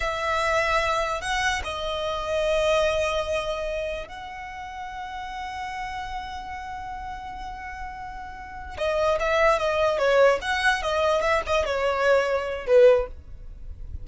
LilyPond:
\new Staff \with { instrumentName = "violin" } { \time 4/4 \tempo 4 = 147 e''2. fis''4 | dis''1~ | dis''2 fis''2~ | fis''1~ |
fis''1~ | fis''4. dis''4 e''4 dis''8~ | dis''8 cis''4 fis''4 dis''4 e''8 | dis''8 cis''2~ cis''8 b'4 | }